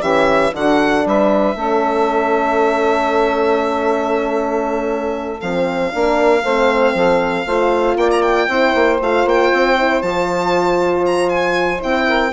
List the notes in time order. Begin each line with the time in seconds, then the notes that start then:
0.00 E3 C#4 G4 E5
0.53 D3 D4 F#4 F#5
1.05 G3 B4 E5
1.55 A3 C#4 A4
5.40 F3 C4 F5
5.91 A#3 D4 A#4
6.43 A3 C4 C5
6.94 F3 A4
7.46 A3 F4 C5
7.96 A#3 D5 G5
8.11 A#5
8.22 G5
8.48 C4 E4 C5
8.74 A#3
9.01 A3 F4 F5
9.25 A#3 G5
9.53 C4
9.77 E4
10.02 F3 F4 A5
11.06 A#5
11.29 G#5
11.80 C4 E4 G5
12.08 A#4